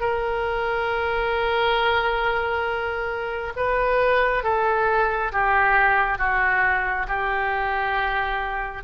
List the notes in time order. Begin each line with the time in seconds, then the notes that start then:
0.00 A#4
3.56 B4
4.44 A4
5.32 G4
6.18 F#4
7.07 G4